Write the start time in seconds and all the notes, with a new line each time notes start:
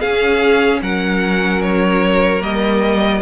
0.00 C#4 G#4 F5
0.82 F#3 A#4 F#5
1.62 C#5
2.40 G3 A#3 D#5